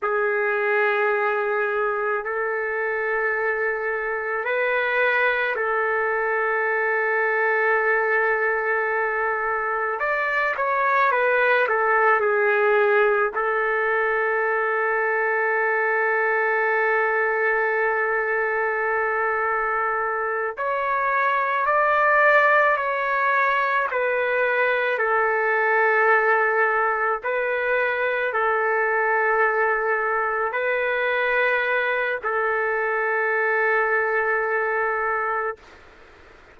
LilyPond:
\new Staff \with { instrumentName = "trumpet" } { \time 4/4 \tempo 4 = 54 gis'2 a'2 | b'4 a'2.~ | a'4 d''8 cis''8 b'8 a'8 gis'4 | a'1~ |
a'2~ a'8 cis''4 d''8~ | d''8 cis''4 b'4 a'4.~ | a'8 b'4 a'2 b'8~ | b'4 a'2. | }